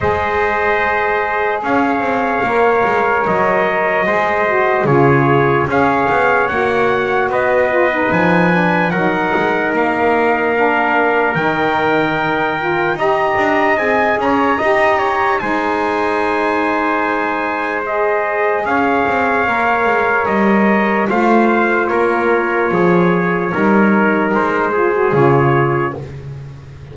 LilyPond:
<<
  \new Staff \with { instrumentName = "trumpet" } { \time 4/4 \tempo 4 = 74 dis''2 f''2 | dis''2 cis''4 f''4 | fis''4 dis''4 gis''4 fis''4 | f''2 g''2 |
ais''4 gis''8 ais''4. gis''4~ | gis''2 dis''4 f''4~ | f''4 dis''4 f''4 cis''4~ | cis''2 c''4 cis''4 | }
  \new Staff \with { instrumentName = "trumpet" } { \time 4/4 c''2 cis''2~ | cis''4 c''4 gis'4 cis''4~ | cis''4 b'2 ais'4~ | ais'1 |
dis''4. cis''8 dis''8 cis''8 c''4~ | c''2. cis''4~ | cis''2 c''4 ais'4 | gis'4 ais'4. gis'4. | }
  \new Staff \with { instrumentName = "saxophone" } { \time 4/4 gis'2. ais'4~ | ais'4 gis'8 fis'8 f'4 gis'4 | fis'4. f'16 dis'8. d'8 dis'4~ | dis'4 d'4 dis'4. f'8 |
g'4 gis'4 g'4 dis'4~ | dis'2 gis'2 | ais'2 f'2~ | f'4 dis'4. f'16 fis'16 f'4 | }
  \new Staff \with { instrumentName = "double bass" } { \time 4/4 gis2 cis'8 c'8 ais8 gis8 | fis4 gis4 cis4 cis'8 b8 | ais4 b4 f4 fis8 gis8 | ais2 dis2 |
dis'8 d'8 c'8 cis'8 dis'4 gis4~ | gis2. cis'8 c'8 | ais8 gis8 g4 a4 ais4 | f4 g4 gis4 cis4 | }
>>